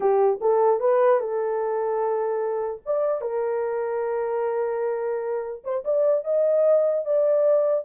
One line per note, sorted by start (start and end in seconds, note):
0.00 0.39 G4
0.40 0.80 A4
0.80 1.20 B4
1.20 2.81 A4
2.85 3.21 D5
3.21 5.62 A#4
5.64 5.84 C5
5.84 6.24 D5
6.24 7.05 D#5
7.05 7.84 D5